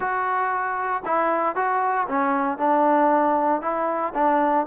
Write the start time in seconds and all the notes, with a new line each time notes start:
0.00 F#4
1.05 E4
1.55 F#4
2.08 C#4
2.58 D4
3.61 E4
4.14 D4